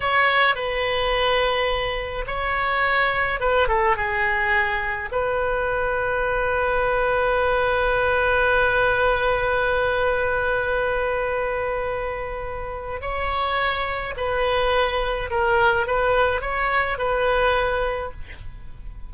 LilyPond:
\new Staff \with { instrumentName = "oboe" } { \time 4/4 \tempo 4 = 106 cis''4 b'2. | cis''2 b'8 a'8 gis'4~ | gis'4 b'2.~ | b'1~ |
b'1~ | b'2. cis''4~ | cis''4 b'2 ais'4 | b'4 cis''4 b'2 | }